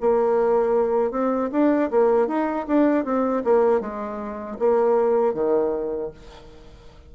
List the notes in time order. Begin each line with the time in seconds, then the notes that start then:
0.00 A#3
1.11 C4
1.51 D4
1.90 A#3
2.27 D#4
2.67 D4
3.04 C4
3.44 A#3
3.80 G#3
4.59 A#3
5.34 D#3